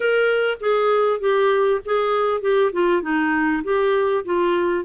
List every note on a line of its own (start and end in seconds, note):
0.00 0.58 A#4
0.60 1.20 G#4
1.20 1.80 G4
1.85 2.41 G#4
2.41 2.71 G4
2.72 3.02 F4
3.02 3.62 D#4
3.63 4.24 G4
4.25 4.85 F4